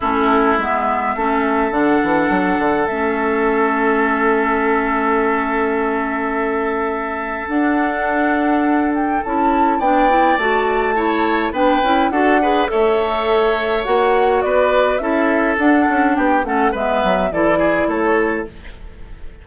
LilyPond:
<<
  \new Staff \with { instrumentName = "flute" } { \time 4/4 \tempo 4 = 104 a'4 e''2 fis''4~ | fis''4 e''2.~ | e''1~ | e''4 fis''2~ fis''8 g''8 |
a''4 g''4 a''2 | g''4 fis''4 e''2 | fis''4 d''4 e''4 fis''4 | g''8 fis''8 e''4 d''4 cis''4 | }
  \new Staff \with { instrumentName = "oboe" } { \time 4/4 e'2 a'2~ | a'1~ | a'1~ | a'1~ |
a'4 d''2 cis''4 | b'4 a'8 b'8 cis''2~ | cis''4 b'4 a'2 | g'8 a'8 b'4 a'8 gis'8 a'4 | }
  \new Staff \with { instrumentName = "clarinet" } { \time 4/4 cis'4 b4 cis'4 d'4~ | d'4 cis'2.~ | cis'1~ | cis'4 d'2. |
e'4 d'8 e'8 fis'4 e'4 | d'8 e'8 fis'8 gis'8 a'2 | fis'2 e'4 d'4~ | d'8 cis'8 b4 e'2 | }
  \new Staff \with { instrumentName = "bassoon" } { \time 4/4 a4 gis4 a4 d8 e8 | fis8 d8 a2.~ | a1~ | a4 d'2. |
cis'4 b4 a2 | b8 cis'8 d'4 a2 | ais4 b4 cis'4 d'8 cis'8 | b8 a8 gis8 fis8 e4 a4 | }
>>